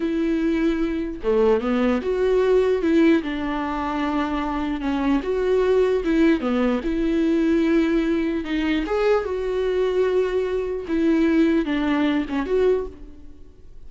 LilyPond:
\new Staff \with { instrumentName = "viola" } { \time 4/4 \tempo 4 = 149 e'2. a4 | b4 fis'2 e'4 | d'1 | cis'4 fis'2 e'4 |
b4 e'2.~ | e'4 dis'4 gis'4 fis'4~ | fis'2. e'4~ | e'4 d'4. cis'8 fis'4 | }